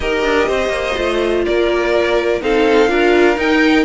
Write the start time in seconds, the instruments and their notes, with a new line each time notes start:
0.00 cello D#4, viola G4, violin A#4 D#5
0.23 cello D4
0.48 cello C4, violin C5
0.69 cello A#3
0.96 cello A3, viola F4
1.45 cello A#3, violin A#4 D5
2.40 cello C4, viola D#4, violin A4 F5
2.87 cello D4, viola F4, violin A#4
3.36 viola D#4, cello D#4, violin G5